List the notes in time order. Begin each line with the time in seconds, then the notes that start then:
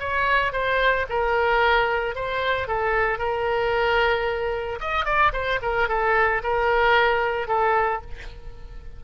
0.00 C#5
0.53 C5
1.10 A#4
2.16 C5
2.68 A4
3.19 A#4
4.81 D#5
5.06 D5
5.33 C5
5.62 A#4
5.89 A4
6.44 A#4
7.48 A4